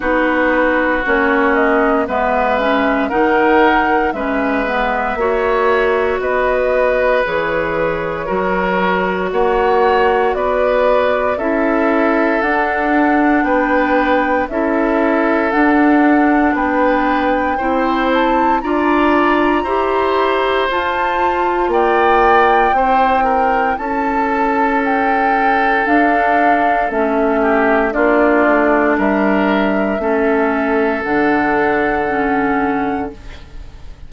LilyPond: <<
  \new Staff \with { instrumentName = "flute" } { \time 4/4 \tempo 4 = 58 b'4 cis''8 dis''8 e''4 fis''4 | e''2 dis''4 cis''4~ | cis''4 fis''4 d''4 e''4 | fis''4 g''4 e''4 fis''4 |
g''4. a''8 ais''2 | a''4 g''2 a''4 | g''4 f''4 e''4 d''4 | e''2 fis''2 | }
  \new Staff \with { instrumentName = "oboe" } { \time 4/4 fis'2 b'4 ais'4 | b'4 cis''4 b'2 | ais'4 cis''4 b'4 a'4~ | a'4 b'4 a'2 |
b'4 c''4 d''4 c''4~ | c''4 d''4 c''8 ais'8 a'4~ | a'2~ a'8 g'8 f'4 | ais'4 a'2. | }
  \new Staff \with { instrumentName = "clarinet" } { \time 4/4 dis'4 cis'4 b8 cis'8 dis'4 | cis'8 b8 fis'2 gis'4 | fis'2. e'4 | d'2 e'4 d'4~ |
d'4 e'4 f'4 g'4 | f'2 e'2~ | e'4 d'4 cis'4 d'4~ | d'4 cis'4 d'4 cis'4 | }
  \new Staff \with { instrumentName = "bassoon" } { \time 4/4 b4 ais4 gis4 dis4 | gis4 ais4 b4 e4 | fis4 ais4 b4 cis'4 | d'4 b4 cis'4 d'4 |
b4 c'4 d'4 e'4 | f'4 ais4 c'4 cis'4~ | cis'4 d'4 a4 ais8 a8 | g4 a4 d2 | }
>>